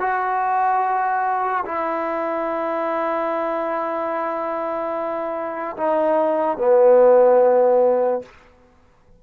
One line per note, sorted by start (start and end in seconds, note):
0.00 1.64 F#4
1.66 5.76 E4
5.77 6.58 D#4
6.58 8.22 B3